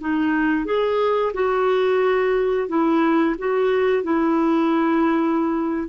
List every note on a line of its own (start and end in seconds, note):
0.00 0.65 D#4
0.65 1.32 G#4
1.33 2.68 F#4
2.68 3.35 E4
3.38 4.03 F#4
4.03 5.88 E4